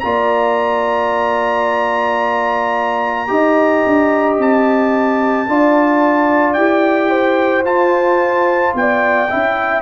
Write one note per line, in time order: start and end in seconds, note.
0.00 3.29 A#3
0.00 3.27 F4
0.00 3.31 D5
0.00 4.36 A#5
3.27 3.84 D#4
3.27 5.46 G4
3.27 5.49 D#5
3.86 4.38 D4
4.38 5.47 C4
4.38 6.53 A5
5.47 6.56 D4
5.47 6.57 F4
5.47 7.10 D5
6.53 7.64 E4
6.53 7.65 G4
6.53 7.62 G5
7.10 8.73 C5
7.64 8.73 F4
7.64 9.28 F4
7.64 8.74 A5
8.74 9.29 B3
8.74 9.30 D5
8.74 9.82 G5
9.30 9.82 C#4
9.30 9.82 E4
9.30 9.82 E5